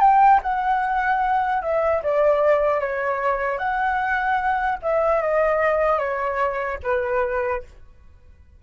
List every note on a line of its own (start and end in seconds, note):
0.00 0.40 G5
0.43 1.62 F#5
1.62 2.02 E5
2.03 2.80 D5
2.80 3.58 C#5
3.58 4.78 F#5
4.82 5.22 E5
5.22 5.99 D#5
5.99 6.79 C#5
6.83 7.63 B4